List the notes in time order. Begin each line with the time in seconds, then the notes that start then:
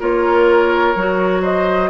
0.00 A#3 F4 A#4 C#5
0.96 F#3 F#4
1.42 C5 D#5